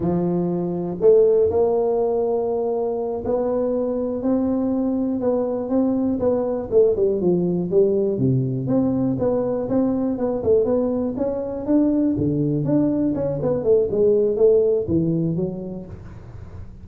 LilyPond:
\new Staff \with { instrumentName = "tuba" } { \time 4/4 \tempo 4 = 121 f2 a4 ais4~ | ais2~ ais8 b4.~ | b8 c'2 b4 c'8~ | c'8 b4 a8 g8 f4 g8~ |
g8 c4 c'4 b4 c'8~ | c'8 b8 a8 b4 cis'4 d'8~ | d'8 d4 d'4 cis'8 b8 a8 | gis4 a4 e4 fis4 | }